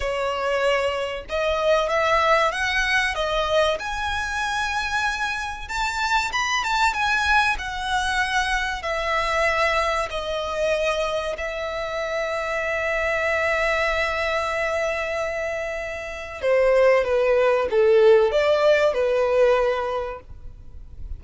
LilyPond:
\new Staff \with { instrumentName = "violin" } { \time 4/4 \tempo 4 = 95 cis''2 dis''4 e''4 | fis''4 dis''4 gis''2~ | gis''4 a''4 b''8 a''8 gis''4 | fis''2 e''2 |
dis''2 e''2~ | e''1~ | e''2 c''4 b'4 | a'4 d''4 b'2 | }